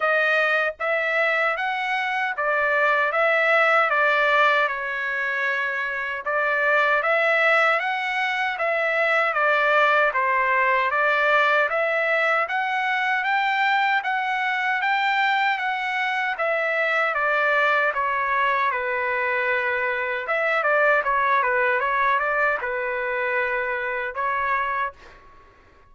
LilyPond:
\new Staff \with { instrumentName = "trumpet" } { \time 4/4 \tempo 4 = 77 dis''4 e''4 fis''4 d''4 | e''4 d''4 cis''2 | d''4 e''4 fis''4 e''4 | d''4 c''4 d''4 e''4 |
fis''4 g''4 fis''4 g''4 | fis''4 e''4 d''4 cis''4 | b'2 e''8 d''8 cis''8 b'8 | cis''8 d''8 b'2 cis''4 | }